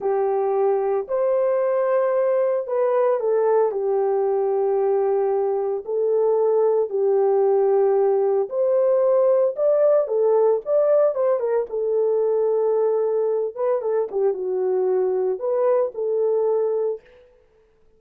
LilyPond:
\new Staff \with { instrumentName = "horn" } { \time 4/4 \tempo 4 = 113 g'2 c''2~ | c''4 b'4 a'4 g'4~ | g'2. a'4~ | a'4 g'2. |
c''2 d''4 a'4 | d''4 c''8 ais'8 a'2~ | a'4. b'8 a'8 g'8 fis'4~ | fis'4 b'4 a'2 | }